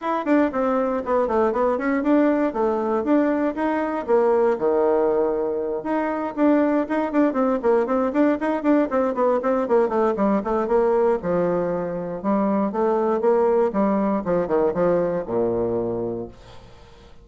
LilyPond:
\new Staff \with { instrumentName = "bassoon" } { \time 4/4 \tempo 4 = 118 e'8 d'8 c'4 b8 a8 b8 cis'8 | d'4 a4 d'4 dis'4 | ais4 dis2~ dis8 dis'8~ | dis'8 d'4 dis'8 d'8 c'8 ais8 c'8 |
d'8 dis'8 d'8 c'8 b8 c'8 ais8 a8 | g8 a8 ais4 f2 | g4 a4 ais4 g4 | f8 dis8 f4 ais,2 | }